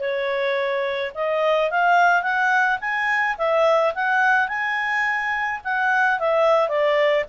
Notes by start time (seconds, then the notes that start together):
0.00 C#5
1.15 D#5
1.71 F5
2.23 F#5
2.81 G#5
3.38 E5
3.95 F#5
4.49 G#5
5.65 F#5
6.20 E5
6.69 D5